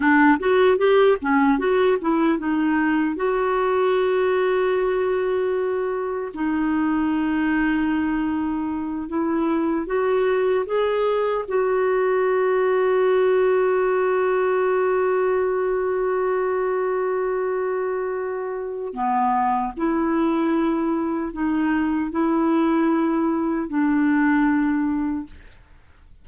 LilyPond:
\new Staff \with { instrumentName = "clarinet" } { \time 4/4 \tempo 4 = 76 d'8 fis'8 g'8 cis'8 fis'8 e'8 dis'4 | fis'1 | dis'2.~ dis'8 e'8~ | e'8 fis'4 gis'4 fis'4.~ |
fis'1~ | fis'1 | b4 e'2 dis'4 | e'2 d'2 | }